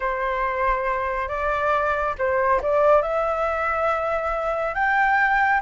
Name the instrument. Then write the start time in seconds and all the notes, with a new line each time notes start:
flute
0.00 C5
1.28 D5
2.18 C5
2.62 D5
3.02 E5
4.74 G5